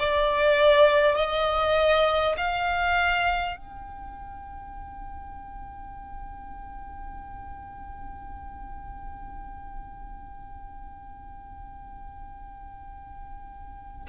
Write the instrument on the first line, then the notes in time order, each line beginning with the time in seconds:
violin
0.00 D5
1.16 D#5
2.38 F5
3.57 G5